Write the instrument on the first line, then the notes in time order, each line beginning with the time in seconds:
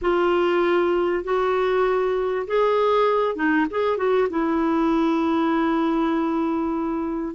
clarinet
0.01 F4
1.24 F#4
2.47 G#4
3.35 D#4
3.70 G#4
3.97 F#4
4.30 E4